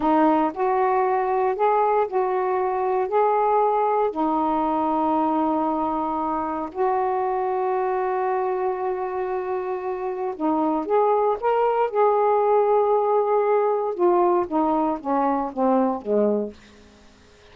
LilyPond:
\new Staff \with { instrumentName = "saxophone" } { \time 4/4 \tempo 4 = 116 dis'4 fis'2 gis'4 | fis'2 gis'2 | dis'1~ | dis'4 fis'2.~ |
fis'1 | dis'4 gis'4 ais'4 gis'4~ | gis'2. f'4 | dis'4 cis'4 c'4 gis4 | }